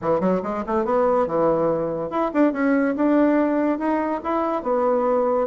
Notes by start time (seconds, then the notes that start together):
0.01 E3
0.20 F#3
0.42 G#3
0.66 A3
0.84 B3
1.27 E3
2.10 E4
2.33 D4
2.53 C#4
2.96 D4
3.78 D#4
4.23 E4
4.63 B3